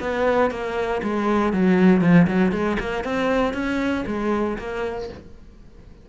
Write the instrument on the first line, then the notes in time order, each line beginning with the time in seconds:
cello
0.00 B3
0.51 A#3
1.03 G#3
1.53 F#3
2.01 F3
2.27 F#3
2.52 G#3
2.80 A#3
3.04 C4
3.54 C#4
4.07 G#3
4.58 A#3